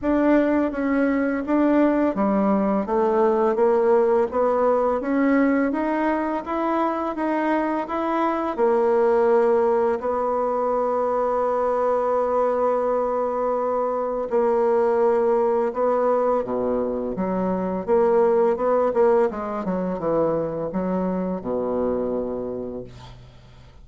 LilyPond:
\new Staff \with { instrumentName = "bassoon" } { \time 4/4 \tempo 4 = 84 d'4 cis'4 d'4 g4 | a4 ais4 b4 cis'4 | dis'4 e'4 dis'4 e'4 | ais2 b2~ |
b1 | ais2 b4 b,4 | fis4 ais4 b8 ais8 gis8 fis8 | e4 fis4 b,2 | }